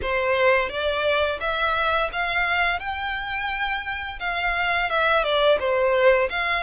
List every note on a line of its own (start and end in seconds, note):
0.02 0.69 C5
0.69 1.39 D5
1.40 2.10 E5
2.12 2.79 F5
2.79 4.19 G5
4.19 4.89 F5
4.89 5.23 E5
5.23 5.58 D5
5.59 6.29 C5
6.29 6.63 F5